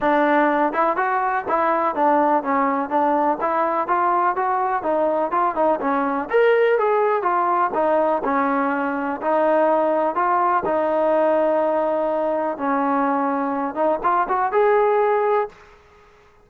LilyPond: \new Staff \with { instrumentName = "trombone" } { \time 4/4 \tempo 4 = 124 d'4. e'8 fis'4 e'4 | d'4 cis'4 d'4 e'4 | f'4 fis'4 dis'4 f'8 dis'8 | cis'4 ais'4 gis'4 f'4 |
dis'4 cis'2 dis'4~ | dis'4 f'4 dis'2~ | dis'2 cis'2~ | cis'8 dis'8 f'8 fis'8 gis'2 | }